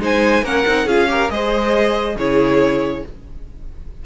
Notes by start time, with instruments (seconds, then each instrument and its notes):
0.00 cello G#3, viola D#4, violin C5 G#5
0.42 cello A#3, viola C#4, violin A#4 F#5
0.67 cello C4, viola D#4
0.86 cello C#4, viola F4, violin G#4 F5
1.09 viola G4, violin A#4
1.30 cello G#3, viola G#4, violin C5 D#5
2.16 cello C#3, viola E4, violin G#4 C#5